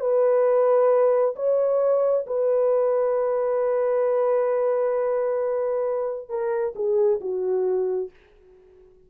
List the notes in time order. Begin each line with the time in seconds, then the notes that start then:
0.00 B4
1.36 C#5
2.27 B4
6.29 A#4
6.75 G#4
7.20 F#4